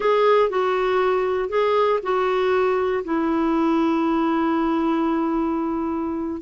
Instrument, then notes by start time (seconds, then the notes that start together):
clarinet
0.00 G#4
0.49 F#4
1.49 G#4
2.02 F#4
3.04 E4